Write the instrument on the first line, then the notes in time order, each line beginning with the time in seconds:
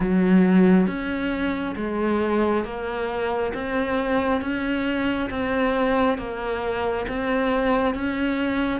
cello
0.00 F#3
0.86 C#4
1.76 G#3
2.64 A#3
3.53 C4
4.41 C#4
5.29 C4
6.18 A#3
7.08 C4
7.94 C#4